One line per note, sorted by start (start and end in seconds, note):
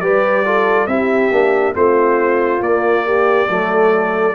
0.00 0.87 G3
0.00 0.45 G4
0.00 0.45 B4
0.00 0.86 D5
0.45 0.88 F4
0.45 0.89 A4
0.86 1.30 C4
0.86 1.31 E4
0.86 1.75 G4
0.86 1.73 E5
1.31 1.74 A#3
1.31 1.73 D4
1.73 2.60 A3
1.73 2.60 C4
1.73 3.05 F4
1.73 2.62 C5
2.60 3.47 A#3
2.60 4.35 D5
3.05 3.49 G4
3.49 4.35 F#3
3.49 4.35 A3
3.49 4.35 A4